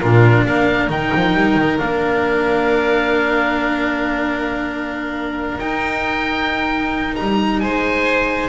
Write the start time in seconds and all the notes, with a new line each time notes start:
0.00 A#2 D4 F4 A#4
0.45 A#3 A#4 F5
0.89 D#3 D#4 G5
1.14 F3
1.33 G3
1.54 D#3
1.78 A#3 D4 F5
5.57 D#4 G5
7.15 G3 A#5
7.59 G#3 C5 G#5